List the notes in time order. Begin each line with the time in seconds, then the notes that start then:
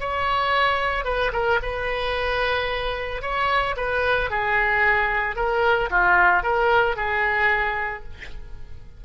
0.00 C#5
1.05 B4
1.33 A#4
1.62 B4
3.22 C#5
3.77 B4
4.30 G#4
5.36 A#4
5.90 F4
6.43 A#4
6.96 G#4